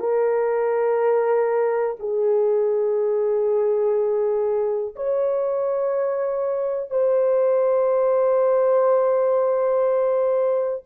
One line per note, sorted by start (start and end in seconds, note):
0.00 1.97 A#4
2.00 4.95 G#4
4.96 6.90 C#5
6.90 10.84 C5